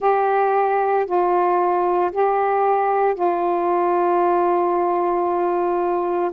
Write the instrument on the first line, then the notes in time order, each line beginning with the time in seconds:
saxophone
0.00 G4
1.05 F4
2.11 G4
3.14 F4